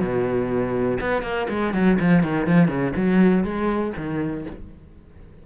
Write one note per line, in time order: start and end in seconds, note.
0.00 0.98 B2
1.00 1.22 B3
1.22 1.47 A#3
1.49 1.73 G#3
1.73 1.98 F#3
1.99 2.23 F3
2.23 2.47 D#3
2.47 2.68 F3
2.68 2.92 C#3
2.95 3.44 F#3
3.44 3.93 G#3
3.96 4.46 D#3